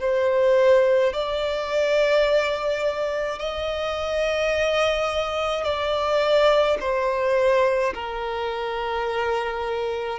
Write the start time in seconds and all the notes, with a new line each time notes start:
0.00 C5
1.13 D5
3.39 D#5
5.64 D5
6.80 C5
7.94 A#4